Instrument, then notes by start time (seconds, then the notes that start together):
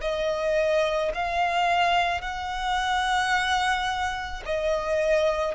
violin
0.00 D#5
1.14 F5
2.21 F#5
4.45 D#5